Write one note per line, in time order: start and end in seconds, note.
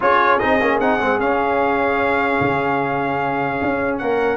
0.00 0.41 C#4
0.00 0.39 F4
0.00 4.01 G#4
0.00 0.38 C#5
0.38 0.62 C4
0.38 0.60 D#4
0.38 0.78 D#5
0.61 0.80 A#3
0.61 0.81 C#4
0.80 1.00 C4
0.80 0.99 D#4
0.80 1.19 F#5
0.99 1.19 G#3
0.99 1.19 C4
1.19 2.39 C#4
1.19 4.37 C#4
1.19 3.98 F5
2.40 3.60 C#3
3.61 4.01 C#4
3.98 4.37 A#3
3.98 4.37 A#4
3.98 4.37 F#5